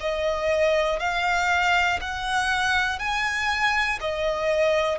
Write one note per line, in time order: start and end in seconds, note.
0.00 0.99 D#5
0.99 1.99 F5
2.01 2.99 F#5
2.99 3.99 G#5
4.00 4.98 D#5